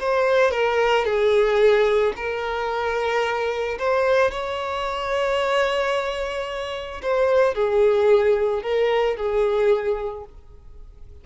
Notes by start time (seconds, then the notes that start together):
0.00 C5
0.51 A#4
1.05 G#4
2.16 A#4
3.79 C5
4.31 C#5
7.02 C5
7.55 G#4
8.63 A#4
9.17 G#4